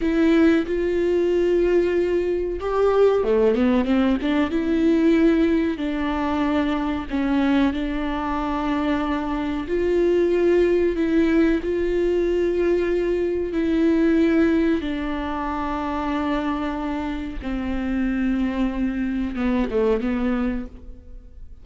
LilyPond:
\new Staff \with { instrumentName = "viola" } { \time 4/4 \tempo 4 = 93 e'4 f'2. | g'4 a8 b8 c'8 d'8 e'4~ | e'4 d'2 cis'4 | d'2. f'4~ |
f'4 e'4 f'2~ | f'4 e'2 d'4~ | d'2. c'4~ | c'2 b8 a8 b4 | }